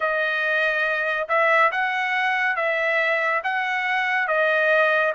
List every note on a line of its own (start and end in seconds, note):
0.00 1.28 D#5
1.28 1.71 E5
1.71 2.56 F#5
2.56 3.41 E5
3.43 4.27 F#5
4.27 5.13 D#5